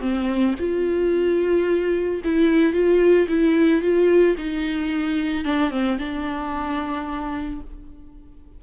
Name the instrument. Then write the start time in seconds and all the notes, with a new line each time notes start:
viola
0.00 C4
0.59 F4
2.24 E4
2.72 F4
3.28 E4
3.81 F4
4.37 D#4
5.44 D4
5.70 C4
5.98 D4